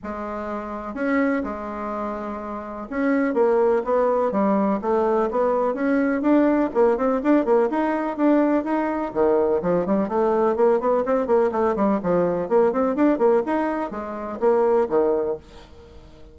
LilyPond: \new Staff \with { instrumentName = "bassoon" } { \time 4/4 \tempo 4 = 125 gis2 cis'4 gis4~ | gis2 cis'4 ais4 | b4 g4 a4 b4 | cis'4 d'4 ais8 c'8 d'8 ais8 |
dis'4 d'4 dis'4 dis4 | f8 g8 a4 ais8 b8 c'8 ais8 | a8 g8 f4 ais8 c'8 d'8 ais8 | dis'4 gis4 ais4 dis4 | }